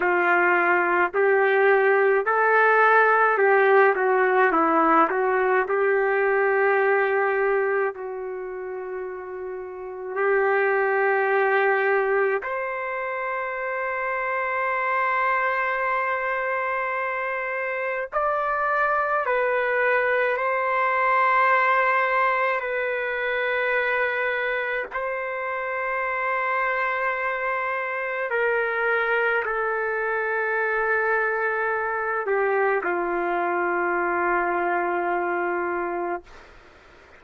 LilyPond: \new Staff \with { instrumentName = "trumpet" } { \time 4/4 \tempo 4 = 53 f'4 g'4 a'4 g'8 fis'8 | e'8 fis'8 g'2 fis'4~ | fis'4 g'2 c''4~ | c''1 |
d''4 b'4 c''2 | b'2 c''2~ | c''4 ais'4 a'2~ | a'8 g'8 f'2. | }